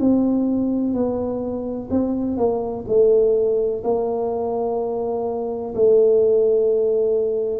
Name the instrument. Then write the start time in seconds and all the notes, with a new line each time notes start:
tuba
0.00 C4
0.94 B3
1.90 C4
2.37 A#3
2.87 A3
3.84 A#3
5.75 A3